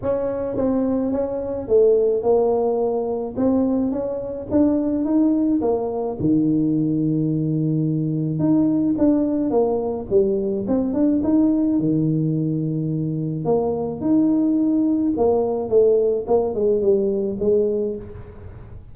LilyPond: \new Staff \with { instrumentName = "tuba" } { \time 4/4 \tempo 4 = 107 cis'4 c'4 cis'4 a4 | ais2 c'4 cis'4 | d'4 dis'4 ais4 dis4~ | dis2. dis'4 |
d'4 ais4 g4 c'8 d'8 | dis'4 dis2. | ais4 dis'2 ais4 | a4 ais8 gis8 g4 gis4 | }